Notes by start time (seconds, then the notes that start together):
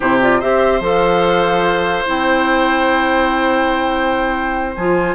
0.00 C3 E4 G4 C5
0.21 F4 D5
0.39 C4 G4 C5 E5
0.80 F3 A4
0.86 F5
2.06 C4 E4 G5
4.75 F3 F4 G#5